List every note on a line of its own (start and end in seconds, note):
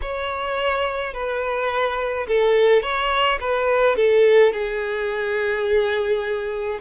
0.01 1.13 C#5
1.13 2.26 B4
2.27 2.82 A4
2.82 3.39 C#5
3.40 3.96 B4
3.96 4.52 A4
4.53 6.79 G#4